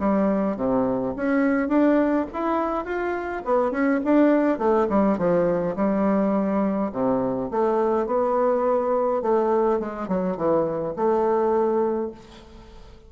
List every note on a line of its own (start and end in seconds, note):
0.00 0.57 G3
0.57 1.15 C3
1.16 1.69 C#4
1.69 2.26 D4
2.33 2.85 E4
2.85 3.43 F4
3.45 3.72 B3
3.72 4.00 C#4
4.05 4.59 D4
4.59 4.88 A3
4.90 5.18 G3
5.18 5.76 F3
5.77 6.92 G3
6.93 7.50 C3
7.51 8.07 A3
8.07 9.22 B3
9.22 9.80 A3
9.80 10.08 G#3
10.08 10.37 F#3
10.37 10.95 E3
10.96 12.12 A3